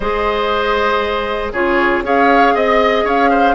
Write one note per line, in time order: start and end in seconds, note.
0.00 1.52 G#3
0.00 1.54 G#4
0.00 1.52 C5
0.00 1.51 D#5
1.52 2.02 C#3
1.52 2.04 F4
1.52 2.03 G#4
1.52 2.03 C#5
2.02 2.53 C#4
2.02 3.55 G#4
2.02 2.54 C#5
2.02 2.56 F5
2.54 3.04 C4
2.54 3.04 D#5
2.54 3.07 D#5
3.04 3.55 C#4
3.04 3.29 C#5
3.04 3.55 F5
3.29 3.55 C5